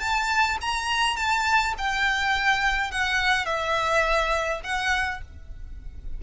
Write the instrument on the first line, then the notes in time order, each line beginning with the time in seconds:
violin
0.00 A5
0.61 A#5
1.16 A5
1.78 G5
2.91 F#5
3.46 E5
4.64 F#5